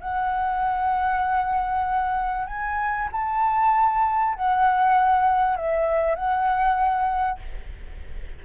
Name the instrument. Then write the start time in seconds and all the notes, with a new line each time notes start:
flute
0.00 F#5
2.47 G#5
3.12 A5
4.35 F#5
5.56 E5
6.15 F#5